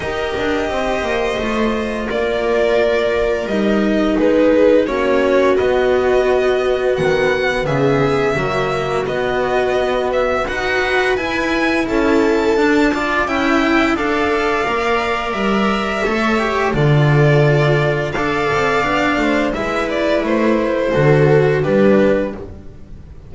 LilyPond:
<<
  \new Staff \with { instrumentName = "violin" } { \time 4/4 \tempo 4 = 86 dis''2. d''4~ | d''4 dis''4 b'4 cis''4 | dis''2 fis''4 e''4~ | e''4 dis''4. e''8 fis''4 |
gis''4 a''2 g''4 | f''2 e''2 | d''2 f''2 | e''8 d''8 c''2 b'4 | }
  \new Staff \with { instrumentName = "viola" } { \time 4/4 ais'4 c''2 ais'4~ | ais'2 gis'4 fis'4~ | fis'2. gis'4 | fis'2. b'4~ |
b'4 a'4. d''8 e''4 | d''2. cis''4 | a'2 d''4. c''8 | b'2 a'4 g'4 | }
  \new Staff \with { instrumentName = "cello" } { \time 4/4 g'2 f'2~ | f'4 dis'2 cis'4 | b1 | ais4 b2 fis'4 |
e'2 d'8 f'8 e'4 | a'4 ais'2 a'8 g'8 | f'2 a'4 d'4 | e'2 fis'4 d'4 | }
  \new Staff \with { instrumentName = "double bass" } { \time 4/4 dis'8 d'8 c'8 ais8 a4 ais4~ | ais4 g4 gis4 ais4 | b2 dis4 cis4 | fis4 b2 dis'4 |
e'4 cis'4 d'4 cis'4 | d'4 ais4 g4 a4 | d2 d'8 c'8 b8 a8 | gis4 a4 d4 g4 | }
>>